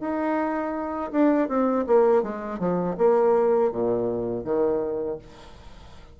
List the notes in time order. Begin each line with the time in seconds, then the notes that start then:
0.00 D#4
1.11 D4
1.48 C4
1.87 A#3
2.23 G#3
2.59 F3
2.98 A#3
3.72 A#2
4.44 D#3